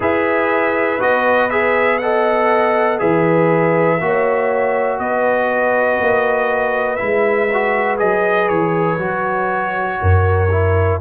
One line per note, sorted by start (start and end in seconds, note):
0.00 1.00 E4
0.00 0.99 G#4
0.00 1.98 B4
0.00 1.01 E5
0.99 3.00 B3
0.99 1.49 F#4
0.99 1.50 D#5
1.50 2.01 G#4
1.50 1.98 E5
1.98 2.98 A4
1.98 3.00 D#5
1.98 2.98 F#5
2.98 4.00 E3
2.98 3.98 G#4
2.98 4.00 B4
2.98 4.99 E5
4.00 4.99 A#3
4.00 6.97 F#4
4.00 4.99 C#5
4.99 5.99 B3
4.99 9.99 B4
4.99 6.95 D#5
6.00 7.00 A#3
6.95 8.00 G#3
6.95 7.47 E4
6.95 7.95 E5
7.53 7.97 F#4
7.97 8.50 F#3
7.97 8.97 G#4
7.97 8.48 D#5
8.48 8.99 E3
8.48 10.98 C#5
8.98 9.99 F#3
8.98 10.48 F#4
10.01 11.01 F#2
10.01 11.01 A#4
10.50 11.00 E4